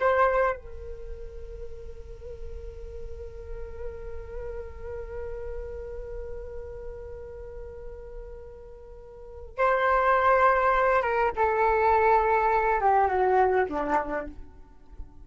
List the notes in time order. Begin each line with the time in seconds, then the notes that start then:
0.00 C5
0.56 A#4
9.58 C5
11.02 A#4
11.36 A4
12.80 G4
13.07 F#4
13.69 D4